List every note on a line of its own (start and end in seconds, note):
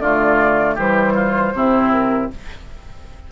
0.00 0.76 D3
0.00 0.78 A3
0.00 0.75 F4
0.00 0.76 D5
0.75 1.53 E3
0.75 1.54 G3
0.75 1.13 G4
0.75 1.93 C5
1.15 1.53 F4
1.54 2.30 C3
1.54 2.31 C4
1.54 2.32 E4
1.93 2.31 A#4